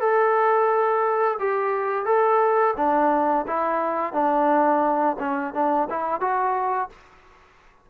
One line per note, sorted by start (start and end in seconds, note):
0.00 1.38 A4
1.39 2.05 G4
2.05 2.74 A4
2.76 3.45 D4
3.47 4.13 E4
4.13 5.16 D4
5.19 5.53 C#4
5.53 5.88 D4
5.90 6.20 E4
6.20 6.89 F#4